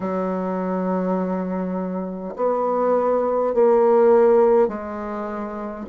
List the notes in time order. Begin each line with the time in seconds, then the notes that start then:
0.00 F#3
2.36 B3
3.53 A#3
4.67 G#3